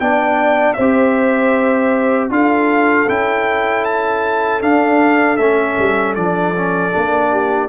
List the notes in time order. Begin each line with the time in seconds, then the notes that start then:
0.00 B3 D4 D5 G5
0.74 C4 C5 E5
0.81 G4
2.30 D4 F4 A4 F5
3.08 C#4 E4 G5
3.85 A5
4.61 D4 F5
5.37 A3 C#4 E5
5.79 G3
6.15 F3 D4 D5
6.56 C#4
6.92 A#3 D4
7.32 G4